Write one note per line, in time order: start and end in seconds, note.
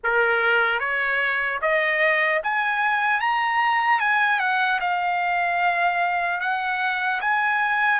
0.03 0.79 A#4
0.79 1.59 C#5
1.61 2.41 D#5
2.43 3.20 G#5
3.20 4.00 A#5
4.00 4.39 G#5
4.39 4.79 F#5
4.80 6.40 F5
6.40 7.20 F#5
7.20 8.00 G#5